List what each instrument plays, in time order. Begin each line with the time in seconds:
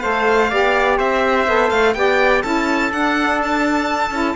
0.00 cello A3, saxophone A4, trumpet C5, violin F5
0.50 cello B3, saxophone G4, trumpet D5
0.98 cello C4, trumpet C5, violin E5
1.47 cello B3, saxophone A4
1.70 cello A3, violin F5
1.94 cello B3, saxophone G4, trumpet D5, violin G5
2.43 cello C#4, saxophone E4, trumpet A4, violin A5
2.92 cello D4, saxophone D4, violin F#5
3.42 violin A5
4.11 cello C#4, saxophone E4